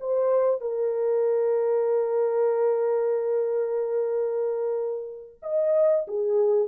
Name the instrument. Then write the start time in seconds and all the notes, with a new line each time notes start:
horn
0.00 C5
0.61 A#4
5.42 D#5
6.08 G#4